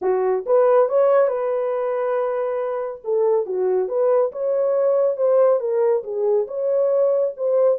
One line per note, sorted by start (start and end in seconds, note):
0.01 0.44 F#4
0.46 0.88 B4
0.88 1.28 C#5
1.28 3.00 B4
3.04 3.46 A4
3.46 3.88 F#4
3.88 4.31 B4
4.32 5.16 C#5
5.16 5.60 C5
5.60 6.03 A#4
6.03 6.46 G#4
6.47 7.33 C#5
7.36 7.78 C5